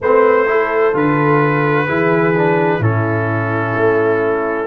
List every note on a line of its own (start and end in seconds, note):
0.01 0.94 A3
0.01 0.46 C4
0.01 0.48 B4
0.01 0.96 C5
0.46 0.93 E4
0.46 1.87 A4
0.93 1.88 D3
0.93 1.87 F4
0.93 2.82 B4
1.87 2.79 E3
1.87 2.34 E4
1.87 2.79 G#4
2.36 2.80 D4
2.79 3.73 A2
2.79 4.66 C#4
2.79 4.66 E4
2.79 4.66 A4
3.76 4.66 A3